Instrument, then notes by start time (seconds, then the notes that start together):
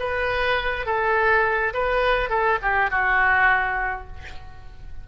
oboe
0.00 B4
0.86 A4
1.74 B4
2.30 A4
2.62 G4
2.91 F#4